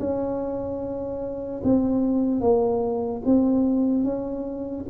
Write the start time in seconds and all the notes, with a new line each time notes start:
0.00 C#4
1.64 C4
2.41 A#3
3.25 C4
4.04 C#4